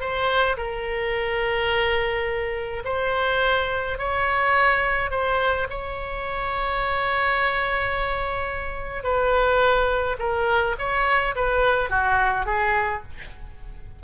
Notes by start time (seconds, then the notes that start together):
0.00 C5
0.57 A#4
2.85 C5
3.98 C#5
5.10 C5
5.70 C#5
9.03 B4
10.19 A#4
10.79 C#5
11.35 B4
11.90 F#4
12.46 G#4